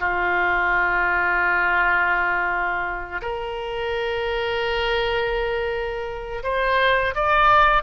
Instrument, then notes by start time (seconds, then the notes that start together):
oboe
0.00 F4
3.21 A#4
6.43 C5
7.15 D5